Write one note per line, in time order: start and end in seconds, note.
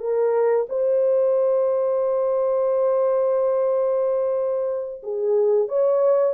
0.00 0.67 A#4
0.69 5.02 C5
5.03 5.68 G#4
5.68 6.34 C#5